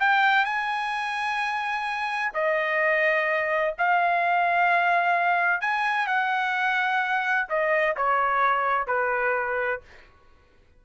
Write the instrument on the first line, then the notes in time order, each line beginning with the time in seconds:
trumpet
0.00 G5
0.45 G#5
2.34 D#5
3.78 F5
5.61 G#5
6.07 F#5
7.49 D#5
7.97 C#5
8.87 B4